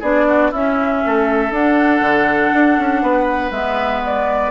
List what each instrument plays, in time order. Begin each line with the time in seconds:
0.00 bassoon B3, clarinet D4, oboe G#4, flute D5
0.28 oboe F#4
0.51 bassoon C#4, clarinet C#4, oboe E4, flute E5
1.06 bassoon A3, oboe A4
1.50 bassoon D4, clarinet D4, flute F#5
2.01 bassoon D3
2.53 bassoon D4
2.78 bassoon C#4
3.02 bassoon B3, oboe B4
3.51 bassoon G#3, clarinet B3, flute E5
4.06 flute D5